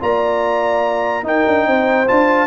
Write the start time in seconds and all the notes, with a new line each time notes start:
0.00 A#3 F4 D5 A#5
1.23 D#4 A#4 G5
1.47 D4
1.67 C4 C5
2.07 D4 F4 A5